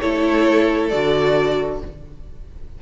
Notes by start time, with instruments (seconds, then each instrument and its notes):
0.00 cello A3, viola E4, violin A4 C#5
0.89 cello D3, viola F#4, violin D5